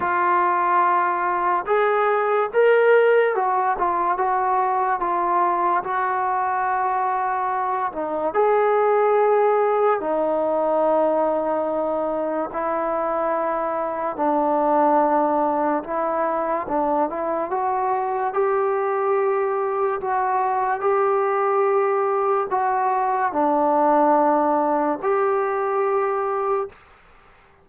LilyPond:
\new Staff \with { instrumentName = "trombone" } { \time 4/4 \tempo 4 = 72 f'2 gis'4 ais'4 | fis'8 f'8 fis'4 f'4 fis'4~ | fis'4. dis'8 gis'2 | dis'2. e'4~ |
e'4 d'2 e'4 | d'8 e'8 fis'4 g'2 | fis'4 g'2 fis'4 | d'2 g'2 | }